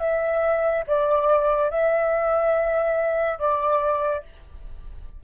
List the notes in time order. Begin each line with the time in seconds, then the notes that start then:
0.00 E5
0.88 D5
1.71 E5
3.39 D5